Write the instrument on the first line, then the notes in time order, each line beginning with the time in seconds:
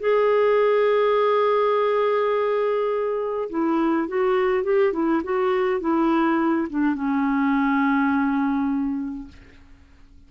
clarinet
0.00 G#4
3.50 E4
4.08 F#4
4.64 G4
4.93 E4
5.24 F#4
5.80 E4
6.70 D4
6.95 C#4